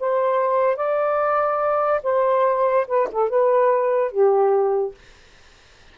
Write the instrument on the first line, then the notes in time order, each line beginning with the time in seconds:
saxophone
0.00 C5
0.76 D5
2.03 C5
2.87 B4
3.12 A4
3.30 B4
4.11 G4